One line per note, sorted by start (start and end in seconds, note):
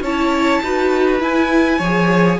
0.00 0.59 C#4
0.00 0.63 E4
0.00 0.61 C#5
0.00 1.21 A5
0.62 1.20 D#4
0.62 1.19 F#4
0.62 1.78 B4
1.19 1.79 E4
1.19 2.40 G#5
1.78 2.38 F3
1.78 2.40 G#4
1.78 2.37 C#5